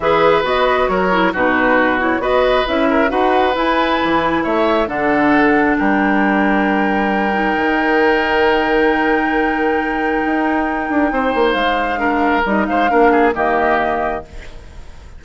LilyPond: <<
  \new Staff \with { instrumentName = "flute" } { \time 4/4 \tempo 4 = 135 e''4 dis''4 cis''4 b'4~ | b'8 cis''8 dis''4 e''4 fis''4 | gis''2 e''4 fis''4~ | fis''4 g''2.~ |
g''1~ | g''1~ | g''2 f''2 | dis''8 f''4. dis''2 | }
  \new Staff \with { instrumentName = "oboe" } { \time 4/4 b'2 ais'4 fis'4~ | fis'4 b'4. ais'8 b'4~ | b'2 cis''4 a'4~ | a'4 ais'2.~ |
ais'1~ | ais'1~ | ais'4 c''2 ais'4~ | ais'8 c''8 ais'8 gis'8 g'2 | }
  \new Staff \with { instrumentName = "clarinet" } { \time 4/4 gis'4 fis'4. e'8 dis'4~ | dis'8 e'8 fis'4 e'4 fis'4 | e'2. d'4~ | d'1~ |
d'8 dis'2.~ dis'8~ | dis'1~ | dis'2. d'4 | dis'4 d'4 ais2 | }
  \new Staff \with { instrumentName = "bassoon" } { \time 4/4 e4 b4 fis4 b,4~ | b,4 b4 cis'4 dis'4 | e'4 e4 a4 d4~ | d4 g2.~ |
g4 dis2.~ | dis2. dis'4~ | dis'8 d'8 c'8 ais8 gis2 | g8 gis8 ais4 dis2 | }
>>